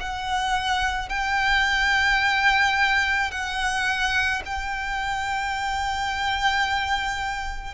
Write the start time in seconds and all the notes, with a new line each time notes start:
0.00 F#5
1.09 G5
3.31 F#5
4.45 G5